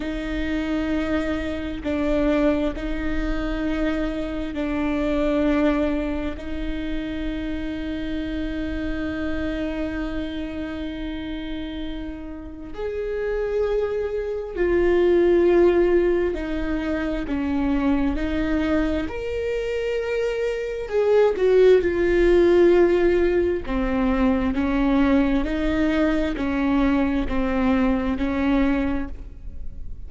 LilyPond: \new Staff \with { instrumentName = "viola" } { \time 4/4 \tempo 4 = 66 dis'2 d'4 dis'4~ | dis'4 d'2 dis'4~ | dis'1~ | dis'2 gis'2 |
f'2 dis'4 cis'4 | dis'4 ais'2 gis'8 fis'8 | f'2 c'4 cis'4 | dis'4 cis'4 c'4 cis'4 | }